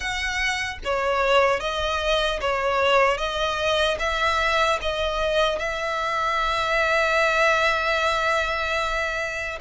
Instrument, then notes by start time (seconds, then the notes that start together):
violin
0.00 F#5
0.84 C#5
1.60 D#5
2.40 C#5
3.17 D#5
3.99 E5
4.81 D#5
5.58 E5